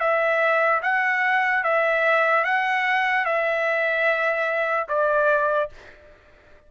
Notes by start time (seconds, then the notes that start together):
0.00 E5
0.83 F#5
1.64 E5
2.44 F#5
3.25 E5
4.88 D5